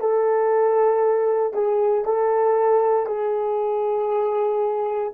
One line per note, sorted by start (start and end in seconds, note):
0.00 1.53 A4
1.53 2.05 G#4
2.05 3.06 A4
3.06 5.13 G#4